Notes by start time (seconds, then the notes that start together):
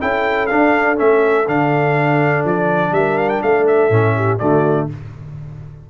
0.00 C#4 E4 A4 G5
0.46 D4 F5
0.96 A3 C#4 E5
1.47 D3 D4 F5
2.44 F3 D5
2.92 G3 A#4 E5
3.18 F5
3.29 G5
3.42 A3 A4 F5
3.67 E5
3.90 A2 C#4
4.15 G4
4.38 D3 A3 F#4 D5